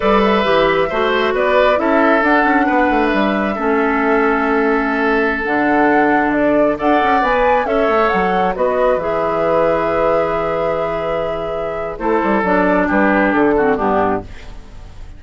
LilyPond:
<<
  \new Staff \with { instrumentName = "flute" } { \time 4/4 \tempo 4 = 135 d''8 e''2~ e''8 d''4 | e''4 fis''2 e''4~ | e''1~ | e''16 fis''2 d''4 fis''8.~ |
fis''16 gis''4 e''4 fis''4 dis''8.~ | dis''16 e''2.~ e''8.~ | e''2. c''4 | d''4 b'4 a'4 g'4 | }
  \new Staff \with { instrumentName = "oboe" } { \time 4/4 b'2 c''4 b'4 | a'2 b'2 | a'1~ | a'2.~ a'16 d''8.~ |
d''4~ d''16 cis''2 b'8.~ | b'1~ | b'2. a'4~ | a'4 g'4. fis'8 d'4 | }
  \new Staff \with { instrumentName = "clarinet" } { \time 4/4 a'4 g'4 fis'2 | e'4 d'2. | cis'1~ | cis'16 d'2. a'8.~ |
a'16 b'4 a'2 fis'8.~ | fis'16 gis'2.~ gis'8.~ | gis'2. e'4 | d'2~ d'8 c'8 b4 | }
  \new Staff \with { instrumentName = "bassoon" } { \time 4/4 g4 e4 a4 b4 | cis'4 d'8 cis'8 b8 a8 g4 | a1~ | a16 d2. d'8 cis'16~ |
cis'16 b4 cis'8 a8 fis4 b8.~ | b16 e2.~ e8.~ | e2. a8 g8 | fis4 g4 d4 g,4 | }
>>